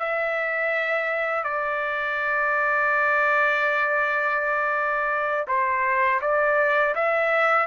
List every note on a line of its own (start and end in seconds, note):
0.00 1.44 E5
1.44 5.47 D5
5.48 6.21 C5
6.22 6.95 D5
6.95 7.67 E5